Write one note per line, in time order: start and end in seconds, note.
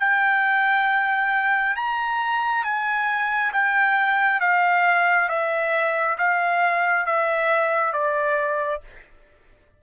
0.00 1.76 G5
1.76 2.64 A#5
2.64 3.53 G#5
3.53 4.41 G5
4.41 5.29 F5
5.29 6.18 E5
6.18 7.07 F5
7.07 7.93 E5
7.93 8.82 D5